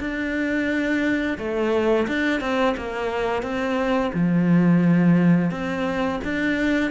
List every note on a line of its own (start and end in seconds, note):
0.00 1.38 D4
1.38 2.07 A3
2.08 2.41 D4
2.41 2.75 C4
2.77 3.43 A#3
3.43 4.12 C4
4.14 5.51 F3
5.51 6.20 C4
6.24 6.91 D4